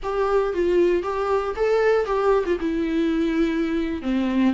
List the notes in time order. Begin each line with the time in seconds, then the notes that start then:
0.03 G4
0.53 F4
1.03 G4
1.55 A4
2.05 G4
2.45 F4
2.60 E4
4.02 C4